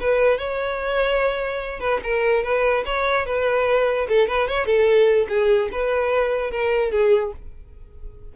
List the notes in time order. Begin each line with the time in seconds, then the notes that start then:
0.00 B4
0.38 C#5
1.80 B4
2.03 A#4
2.44 B4
2.85 C#5
3.26 B4
4.09 A4
4.28 B4
4.48 C#5
4.66 A4
5.29 G#4
5.72 B4
6.51 A#4
6.91 G#4